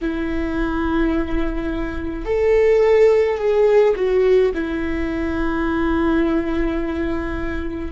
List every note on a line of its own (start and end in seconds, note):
0.01 2.25 E4
2.25 3.38 A4
3.38 3.94 G#4
3.95 4.52 F#4
4.53 7.91 E4